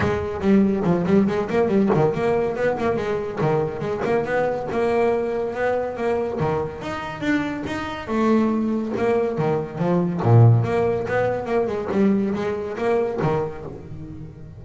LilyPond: \new Staff \with { instrumentName = "double bass" } { \time 4/4 \tempo 4 = 141 gis4 g4 f8 g8 gis8 ais8 | g8 dis8 ais4 b8 ais8 gis4 | dis4 gis8 ais8 b4 ais4~ | ais4 b4 ais4 dis4 |
dis'4 d'4 dis'4 a4~ | a4 ais4 dis4 f4 | ais,4 ais4 b4 ais8 gis8 | g4 gis4 ais4 dis4 | }